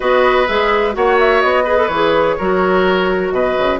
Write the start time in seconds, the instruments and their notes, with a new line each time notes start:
0.00 bassoon B3, clarinet F#4, oboe B4, flute D#5
0.47 bassoon G#3, clarinet G#4, flute E5
0.92 bassoon A#3, clarinet F#4, oboe C#5, flute F#5
1.19 flute E5
1.41 bassoon B3, flute D#5
1.64 clarinet G#4, oboe B4
1.76 clarinet A4
1.87 bassoon E3, clarinet G#4, flute C#5
2.38 bassoon F#3, clarinet F#4, oboe A#4
3.31 bassoon B2, oboe B4, flute D#5
3.58 bassoon C#3